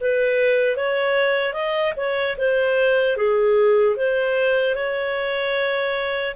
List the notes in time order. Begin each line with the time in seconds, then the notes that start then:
0.00 B4
0.76 C#5
1.53 D#5
1.96 C#5
2.37 C5
3.16 G#4
3.96 C5
4.75 C#5